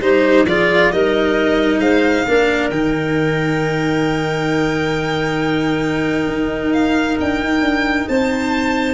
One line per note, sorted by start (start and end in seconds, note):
0.00 0.45 G3
0.00 0.46 D#4
0.00 0.46 G4
0.00 0.46 C5
0.46 0.90 F3
0.46 0.93 F4
0.46 0.92 G#4
0.46 0.92 D5
0.92 1.79 G3
0.92 2.27 D#4
0.92 1.81 A#4
0.92 1.80 D#5
1.79 2.24 G#3
1.79 2.25 C5
1.79 2.70 F5
2.28 2.71 A#3
2.28 2.73 D4
2.28 8.09 A#4
2.71 6.27 D#3
2.71 8.95 D#4
2.71 6.73 G5
6.27 7.17 D#4
6.73 7.18 F5
7.21 7.41 D4
7.21 8.09 G5
7.41 7.61 D#4
7.61 8.06 D4
8.09 8.95 C4
8.09 8.95 C5
8.09 8.95 A5